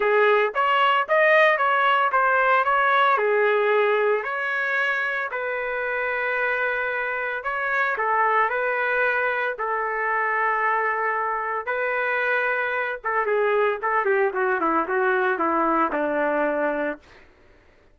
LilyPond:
\new Staff \with { instrumentName = "trumpet" } { \time 4/4 \tempo 4 = 113 gis'4 cis''4 dis''4 cis''4 | c''4 cis''4 gis'2 | cis''2 b'2~ | b'2 cis''4 a'4 |
b'2 a'2~ | a'2 b'2~ | b'8 a'8 gis'4 a'8 g'8 fis'8 e'8 | fis'4 e'4 d'2 | }